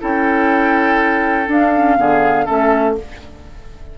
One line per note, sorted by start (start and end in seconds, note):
0.00 1.48 C#4
0.00 1.46 E4
0.00 1.97 A4
0.00 1.50 G5
1.46 1.71 D4
1.46 1.97 D4
1.46 2.46 F5
1.75 1.97 C#4
1.97 2.47 D3
1.97 2.46 B3
1.97 2.45 G#4
2.45 2.98 A3
2.45 2.95 C#4
2.45 2.94 A4
2.45 2.95 E5